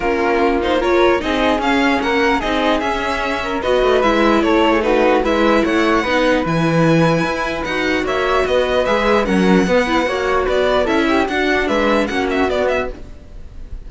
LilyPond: <<
  \new Staff \with { instrumentName = "violin" } { \time 4/4 \tempo 4 = 149 ais'4. c''8 cis''4 dis''4 | f''4 fis''4 dis''4 e''4~ | e''4 dis''4 e''4 cis''4 | b'4 e''4 fis''2 |
gis''2. fis''4 | e''4 dis''4 e''4 fis''4~ | fis''2 d''4 e''4 | fis''4 e''4 fis''8 e''8 d''8 e''8 | }
  \new Staff \with { instrumentName = "flute" } { \time 4/4 f'2 ais'4 gis'4~ | gis'4 ais'4 gis'2~ | gis'8 ais'8 b'2 a'8. gis'16 | fis'4 b'4 cis''4 b'4~ |
b'1 | cis''4 b'2 ais'4 | b'4 cis''4 b'4 a'8 g'8 | fis'4 b'4 fis'2 | }
  \new Staff \with { instrumentName = "viola" } { \time 4/4 cis'4. dis'8 f'4 dis'4 | cis'2 dis'4 cis'4~ | cis'4 fis'4 e'2 | dis'4 e'2 dis'4 |
e'2. fis'4~ | fis'2 gis'4 cis'4 | b8 e'8 fis'2 e'4 | d'2 cis'4 b4 | }
  \new Staff \with { instrumentName = "cello" } { \time 4/4 ais2. c'4 | cis'4 ais4 c'4 cis'4~ | cis'4 b8 a8 gis4 a4~ | a4 gis4 a4 b4 |
e2 e'4 dis'4 | ais4 b4 gis4 fis4 | b4 ais4 b4 cis'4 | d'4 gis4 ais4 b4 | }
>>